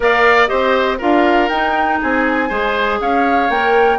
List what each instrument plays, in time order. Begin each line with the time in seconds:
0.00 bassoon A#3, clarinet A#4, oboe D5, flute F5
0.47 bassoon C4, clarinet G4, oboe C5, flute D#5
0.98 bassoon D4, clarinet F4, oboe A#4, flute F5
1.48 bassoon D#4, clarinet D#4, flute G5
2.01 bassoon C4, oboe G#4, flute G#5
2.48 bassoon G#3, clarinet G#4, oboe C5
3.00 bassoon C#4, oboe C#5, flute F5
3.49 bassoon A#3, clarinet A#4, flute G5